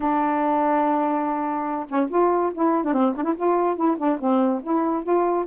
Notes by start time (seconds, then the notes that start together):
0.00 D4
1.88 C#4
2.10 F4
2.54 E4
2.84 D4
2.93 C4
3.16 D4
3.23 E4
3.36 F4
3.76 E4
3.97 D4
4.19 C4
4.63 E4
5.03 F4